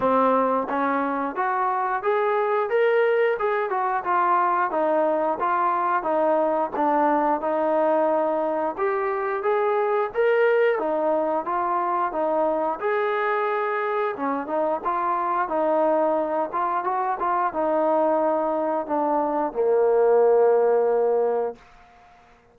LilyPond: \new Staff \with { instrumentName = "trombone" } { \time 4/4 \tempo 4 = 89 c'4 cis'4 fis'4 gis'4 | ais'4 gis'8 fis'8 f'4 dis'4 | f'4 dis'4 d'4 dis'4~ | dis'4 g'4 gis'4 ais'4 |
dis'4 f'4 dis'4 gis'4~ | gis'4 cis'8 dis'8 f'4 dis'4~ | dis'8 f'8 fis'8 f'8 dis'2 | d'4 ais2. | }